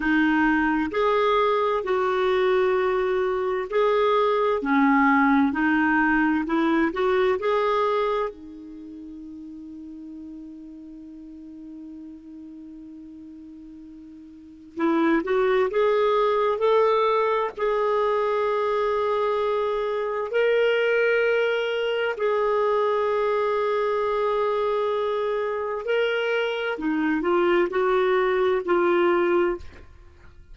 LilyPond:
\new Staff \with { instrumentName = "clarinet" } { \time 4/4 \tempo 4 = 65 dis'4 gis'4 fis'2 | gis'4 cis'4 dis'4 e'8 fis'8 | gis'4 dis'2.~ | dis'1 |
e'8 fis'8 gis'4 a'4 gis'4~ | gis'2 ais'2 | gis'1 | ais'4 dis'8 f'8 fis'4 f'4 | }